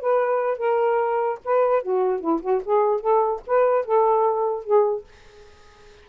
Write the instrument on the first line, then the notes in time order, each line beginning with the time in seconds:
saxophone
0.00 B4
0.57 A#4
1.44 B4
1.82 F#4
2.20 E4
2.41 F#4
2.65 G#4
3.00 A4
3.46 B4
3.85 A4
4.63 G#4